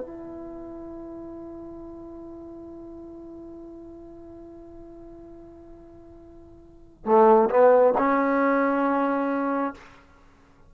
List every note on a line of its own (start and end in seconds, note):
0.00 7.05 E4
7.05 7.49 A3
7.50 7.94 B3
7.98 9.74 C#4